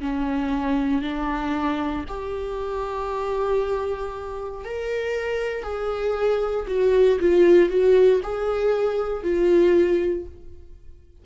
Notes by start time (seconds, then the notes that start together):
0.00 C#4
1.02 D4
2.08 G4
4.65 A#4
5.63 G#4
6.67 F#4
7.20 F4
7.69 F#4
8.23 G#4
9.23 F4